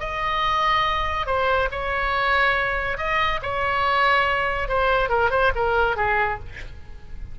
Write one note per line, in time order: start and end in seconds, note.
0.00 1.26 D#5
1.26 1.69 C5
1.71 2.98 C#5
2.98 3.40 D#5
3.43 4.69 C#5
4.69 5.09 C5
5.09 5.31 A#4
5.31 5.52 C5
5.56 5.97 A#4
5.97 6.39 G#4